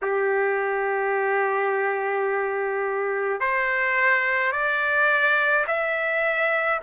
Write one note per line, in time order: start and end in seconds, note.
0.02 3.40 G4
3.40 4.51 C5
4.51 5.64 D5
5.67 6.80 E5